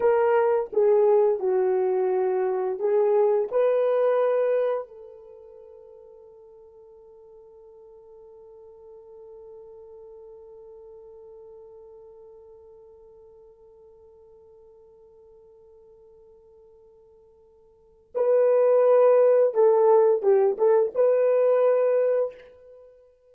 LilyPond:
\new Staff \with { instrumentName = "horn" } { \time 4/4 \tempo 4 = 86 ais'4 gis'4 fis'2 | gis'4 b'2 a'4~ | a'1~ | a'1~ |
a'1~ | a'1~ | a'2 b'2 | a'4 g'8 a'8 b'2 | }